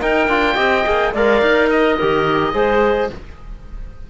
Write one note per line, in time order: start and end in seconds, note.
0.00 0.29 D#4
0.00 0.28 D#4
0.00 0.54 A#4
0.00 1.14 G5
0.28 0.56 D4
0.28 0.55 F4
0.54 0.85 C4
0.54 0.83 G4
0.54 1.10 D#5
0.85 1.14 A#3
0.85 1.13 G#4
1.13 1.41 G#3
1.13 1.99 A#4
1.13 1.69 D5
1.13 1.70 F5
1.41 1.97 D#4
1.70 3.10 D#5
1.70 1.95 D#5
1.95 2.54 G4
1.95 2.51 A#4
2.02 2.54 D#3
2.54 3.10 G#3
2.54 3.10 G#4
2.54 3.10 C5